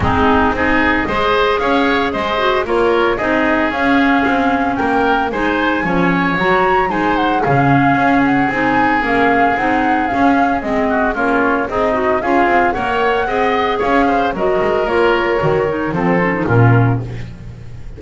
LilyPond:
<<
  \new Staff \with { instrumentName = "flute" } { \time 4/4 \tempo 4 = 113 gis'4 dis''2 f''4 | dis''4 cis''4 dis''4 f''4~ | f''4 g''4 gis''2 | ais''4 gis''8 fis''8 f''4. fis''8 |
gis''4 f''4 fis''4 f''4 | dis''4 cis''4 dis''4 f''4 | fis''2 f''4 dis''4 | cis''2 c''4 ais'4 | }
  \new Staff \with { instrumentName = "oboe" } { \time 4/4 dis'4 gis'4 c''4 cis''4 | c''4 ais'4 gis'2~ | gis'4 ais'4 c''4 cis''4~ | cis''4 c''4 gis'2~ |
gis'1~ | gis'8 fis'8 f'4 dis'4 gis'4 | cis''4 dis''4 cis''8 c''8 ais'4~ | ais'2 a'4 f'4 | }
  \new Staff \with { instrumentName = "clarinet" } { \time 4/4 c'4 dis'4 gis'2~ | gis'8 fis'8 f'4 dis'4 cis'4~ | cis'2 dis'4 cis'4 | fis'4 dis'4 cis'2 |
dis'4 cis'4 dis'4 cis'4 | c'4 cis'4 gis'8 fis'8 f'4 | ais'4 gis'2 fis'4 | f'4 fis'8 dis'8 c'8 cis'16 dis'16 cis'4 | }
  \new Staff \with { instrumentName = "double bass" } { \time 4/4 gis4 c'4 gis4 cis'4 | gis4 ais4 c'4 cis'4 | c'4 ais4 gis4 f4 | fis4 gis4 cis4 cis'4 |
c'4 ais4 c'4 cis'4 | gis4 ais4 c'4 cis'8 c'8 | ais4 c'4 cis'4 fis8 gis8 | ais4 dis4 f4 ais,4 | }
>>